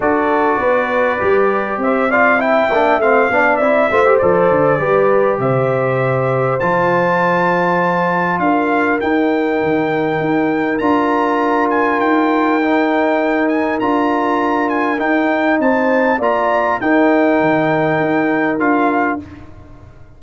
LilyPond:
<<
  \new Staff \with { instrumentName = "trumpet" } { \time 4/4 \tempo 4 = 100 d''2. e''8 f''8 | g''4 f''4 e''4 d''4~ | d''4 e''2 a''4~ | a''2 f''4 g''4~ |
g''2 ais''4. gis''8 | g''2~ g''8 gis''8 ais''4~ | ais''8 gis''8 g''4 a''4 ais''4 | g''2. f''4 | }
  \new Staff \with { instrumentName = "horn" } { \time 4/4 a'4 b'2 c''8 d''8 | e''4. d''4 c''4. | b'4 c''2.~ | c''2 ais'2~ |
ais'1~ | ais'1~ | ais'2 c''4 d''4 | ais'1 | }
  \new Staff \with { instrumentName = "trombone" } { \time 4/4 fis'2 g'4. f'8 | e'8 d'8 c'8 d'8 e'8 f'16 g'16 a'4 | g'2. f'4~ | f'2. dis'4~ |
dis'2 f'2~ | f'4 dis'2 f'4~ | f'4 dis'2 f'4 | dis'2. f'4 | }
  \new Staff \with { instrumentName = "tuba" } { \time 4/4 d'4 b4 g4 c'4~ | c'8 ais8 a8 b8 c'8 a8 f8 d8 | g4 c2 f4~ | f2 d'4 dis'4 |
dis4 dis'4 d'2 | dis'2. d'4~ | d'4 dis'4 c'4 ais4 | dis'4 dis4 dis'4 d'4 | }
>>